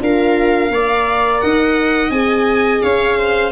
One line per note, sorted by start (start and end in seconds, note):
0.00 0.70 D4
0.00 0.71 F4
0.00 0.73 A#4
0.00 1.40 F5
0.70 1.40 A#3
0.70 2.12 A#4
0.70 1.42 D5
1.40 2.10 D#4
1.40 2.83 D#5
1.40 2.10 F#5
2.10 2.81 C4
2.10 3.52 G#4
2.10 2.81 G#5
2.82 3.52 C#4
2.82 3.18 C#5
2.82 3.52 F5
3.18 3.52 C5